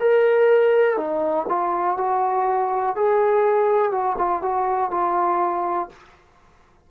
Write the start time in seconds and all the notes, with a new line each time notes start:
0.00 A#4
0.97 D#4
1.48 F4
1.97 F#4
2.95 G#4
3.91 F#4
4.18 F4
4.42 F#4
4.91 F4